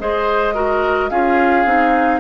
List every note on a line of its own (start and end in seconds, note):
0.00 1.11 G#3
0.00 0.54 G#4
0.00 0.54 C5
0.00 1.09 D#5
0.54 1.10 F#4
0.54 1.10 A#4
1.09 1.65 C#4
1.09 1.66 F4
1.09 2.20 G#4
1.09 2.20 F5
1.65 2.20 C4
1.65 2.20 D#4